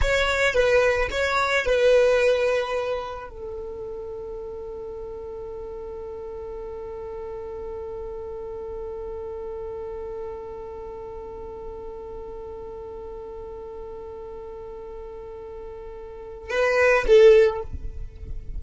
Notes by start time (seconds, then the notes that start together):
0.01 C#5
0.54 B4
1.10 C#5
1.65 B4
3.29 A4
16.50 B4
17.07 A4